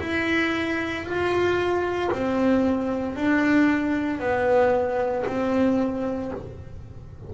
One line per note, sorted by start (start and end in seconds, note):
0.00 1.05 E4
1.05 2.10 F4
2.12 3.16 C4
3.16 4.20 D4
4.20 5.25 B3
5.26 6.32 C4